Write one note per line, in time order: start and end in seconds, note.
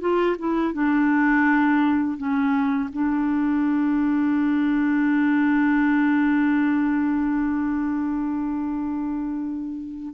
0.00 0.36 F4
0.38 0.73 E4
0.73 2.17 D4
2.17 2.89 C#4
2.92 10.14 D4